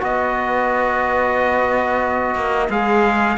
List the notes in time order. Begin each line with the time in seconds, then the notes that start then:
0.00 B3 F#4 B4 D#5
2.36 A#3
2.70 G#3 G#4 F5